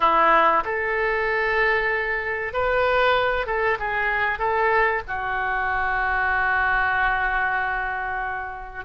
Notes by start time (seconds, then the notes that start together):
0.00 E4
0.65 A4
2.53 B4
3.46 A4
3.79 G#4
4.39 A4
5.07 F#4